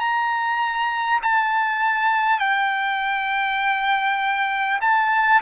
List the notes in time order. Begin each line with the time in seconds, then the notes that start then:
0.00 A#5
1.23 A5
2.39 G5
4.81 A5